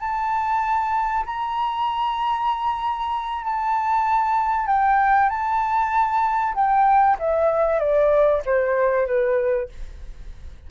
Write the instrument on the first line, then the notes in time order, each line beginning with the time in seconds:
flute
0.00 A5
1.26 A#5
3.44 A5
4.67 G5
5.30 A5
6.55 G5
7.19 E5
7.80 D5
8.46 C5
9.07 B4